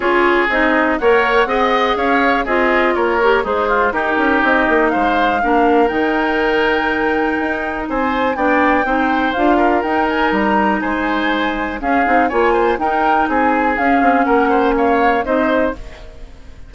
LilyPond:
<<
  \new Staff \with { instrumentName = "flute" } { \time 4/4 \tempo 4 = 122 cis''4 dis''4 fis''2 | f''4 dis''4 cis''4 c''4 | ais'4 dis''4 f''2 | g''1 |
gis''4 g''2 f''4 | g''8 gis''8 ais''4 gis''2 | f''4 gis''4 g''4 gis''4 | f''4 fis''4 f''4 dis''4 | }
  \new Staff \with { instrumentName = "oboe" } { \time 4/4 gis'2 cis''4 dis''4 | cis''4 gis'4 ais'4 dis'8 f'8 | g'2 c''4 ais'4~ | ais'1 |
c''4 d''4 c''4. ais'8~ | ais'2 c''2 | gis'4 cis''8 c''8 ais'4 gis'4~ | gis'4 ais'8 c''8 cis''4 c''4 | }
  \new Staff \with { instrumentName = "clarinet" } { \time 4/4 f'4 dis'4 ais'4 gis'4~ | gis'4 f'4. g'8 gis'4 | dis'2. d'4 | dis'1~ |
dis'4 d'4 dis'4 f'4 | dis'1 | cis'8 dis'8 f'4 dis'2 | cis'2. dis'4 | }
  \new Staff \with { instrumentName = "bassoon" } { \time 4/4 cis'4 c'4 ais4 c'4 | cis'4 c'4 ais4 gis4 | dis'8 cis'8 c'8 ais8 gis4 ais4 | dis2. dis'4 |
c'4 b4 c'4 d'4 | dis'4 g4 gis2 | cis'8 c'8 ais4 dis'4 c'4 | cis'8 c'8 ais2 c'4 | }
>>